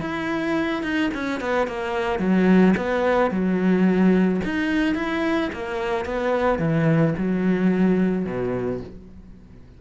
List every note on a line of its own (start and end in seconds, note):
0.00 0.83 E4
0.83 1.10 D#4
1.14 1.40 C#4
1.40 1.67 B3
1.67 2.19 A#3
2.19 2.74 F#3
2.76 3.31 B3
3.31 4.41 F#3
4.44 4.95 D#4
4.95 5.50 E4
5.52 6.05 A#3
6.05 6.59 B3
6.59 7.14 E3
7.17 8.25 F#3
8.25 8.80 B2